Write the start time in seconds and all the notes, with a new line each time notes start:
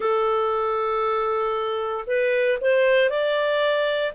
0.00 A4
2.06 B4
2.61 C5
3.09 D5